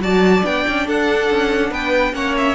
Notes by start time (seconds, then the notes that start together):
0.00 F#3 F#4 D5 A5
0.42 B3 D4 G5
0.67 C#4
0.86 D4 A4 F#5
1.30 C#4
1.70 B3 B4 G5
2.13 A#3 C#4 C#5 F#5
2.37 E5